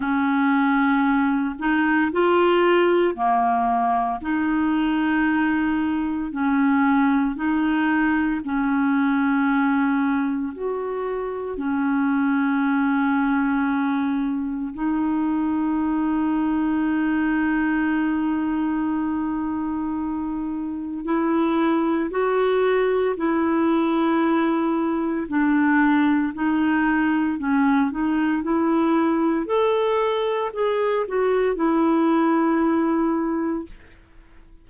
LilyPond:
\new Staff \with { instrumentName = "clarinet" } { \time 4/4 \tempo 4 = 57 cis'4. dis'8 f'4 ais4 | dis'2 cis'4 dis'4 | cis'2 fis'4 cis'4~ | cis'2 dis'2~ |
dis'1 | e'4 fis'4 e'2 | d'4 dis'4 cis'8 dis'8 e'4 | a'4 gis'8 fis'8 e'2 | }